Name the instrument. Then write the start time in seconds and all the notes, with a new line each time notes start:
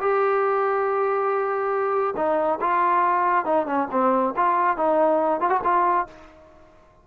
trombone
0.00 G4
2.16 D#4
2.61 F4
3.45 D#4
3.66 C#4
3.91 C4
4.36 F4
4.76 D#4
5.40 F4
5.49 F#4
5.64 F4